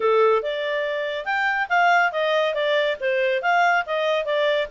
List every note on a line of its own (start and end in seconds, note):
0.00 0.42 A4
0.42 1.25 D5
1.25 1.67 G5
1.69 2.11 F5
2.12 2.54 D#5
2.54 2.97 D5
3.00 3.42 C5
3.42 3.84 F5
3.86 4.25 D#5
4.25 4.67 D5